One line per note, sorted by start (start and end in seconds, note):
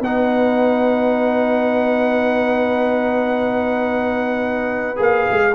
0.00 4.95 B3
0.00 4.96 D#4
0.00 5.55 B4
0.00 4.99 F#5
4.96 5.26 A#3
4.96 5.51 G#4
5.02 5.55 F5
5.31 5.55 G#3